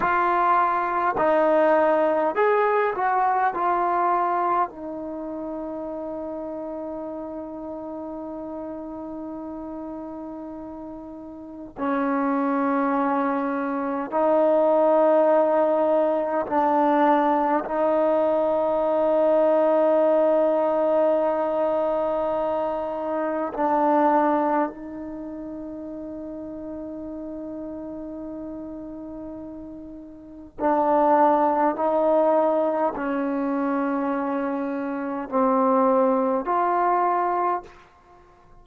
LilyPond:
\new Staff \with { instrumentName = "trombone" } { \time 4/4 \tempo 4 = 51 f'4 dis'4 gis'8 fis'8 f'4 | dis'1~ | dis'2 cis'2 | dis'2 d'4 dis'4~ |
dis'1 | d'4 dis'2.~ | dis'2 d'4 dis'4 | cis'2 c'4 f'4 | }